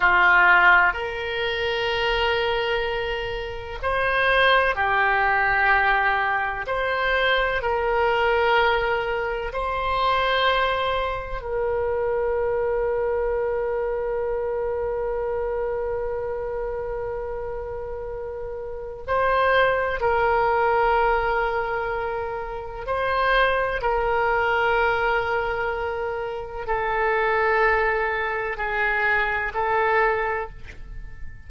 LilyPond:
\new Staff \with { instrumentName = "oboe" } { \time 4/4 \tempo 4 = 63 f'4 ais'2. | c''4 g'2 c''4 | ais'2 c''2 | ais'1~ |
ais'1 | c''4 ais'2. | c''4 ais'2. | a'2 gis'4 a'4 | }